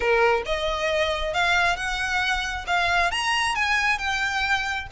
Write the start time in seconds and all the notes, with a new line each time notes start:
0.00 A#4
0.45 D#5
1.33 F5
1.76 F#5
2.66 F5
3.11 A#5
3.55 G#5
3.98 G5